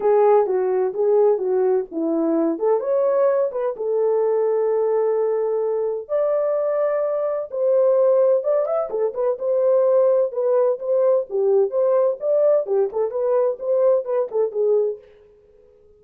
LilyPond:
\new Staff \with { instrumentName = "horn" } { \time 4/4 \tempo 4 = 128 gis'4 fis'4 gis'4 fis'4 | e'4. a'8 cis''4. b'8 | a'1~ | a'4 d''2. |
c''2 d''8 e''8 a'8 b'8 | c''2 b'4 c''4 | g'4 c''4 d''4 g'8 a'8 | b'4 c''4 b'8 a'8 gis'4 | }